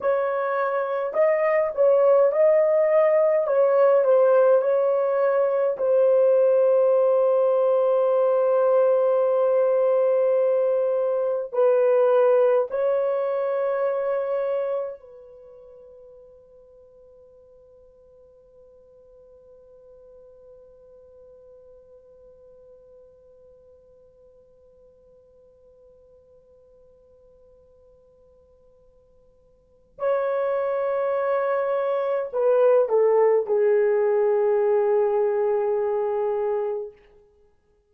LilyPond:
\new Staff \with { instrumentName = "horn" } { \time 4/4 \tempo 4 = 52 cis''4 dis''8 cis''8 dis''4 cis''8 c''8 | cis''4 c''2.~ | c''2 b'4 cis''4~ | cis''4 b'2.~ |
b'1~ | b'1~ | b'2 cis''2 | b'8 a'8 gis'2. | }